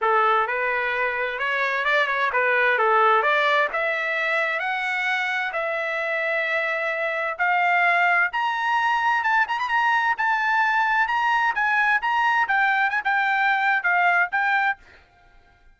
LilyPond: \new Staff \with { instrumentName = "trumpet" } { \time 4/4 \tempo 4 = 130 a'4 b'2 cis''4 | d''8 cis''8 b'4 a'4 d''4 | e''2 fis''2 | e''1 |
f''2 ais''2 | a''8 ais''16 b''16 ais''4 a''2 | ais''4 gis''4 ais''4 g''4 | gis''16 g''4.~ g''16 f''4 g''4 | }